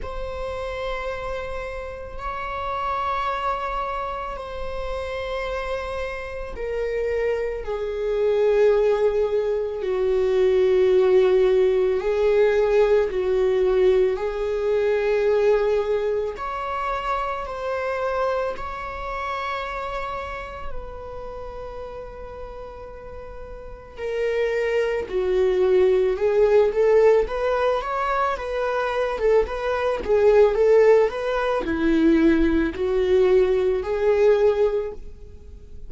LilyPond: \new Staff \with { instrumentName = "viola" } { \time 4/4 \tempo 4 = 55 c''2 cis''2 | c''2 ais'4 gis'4~ | gis'4 fis'2 gis'4 | fis'4 gis'2 cis''4 |
c''4 cis''2 b'4~ | b'2 ais'4 fis'4 | gis'8 a'8 b'8 cis''8 b'8. a'16 b'8 gis'8 | a'8 b'8 e'4 fis'4 gis'4 | }